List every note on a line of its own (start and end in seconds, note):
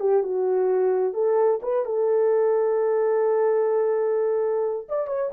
0.00 0.23 G4
0.23 1.14 F#4
1.14 1.60 A4
1.62 1.85 B4
1.85 4.88 A4
4.89 5.07 D5
5.07 5.31 C#5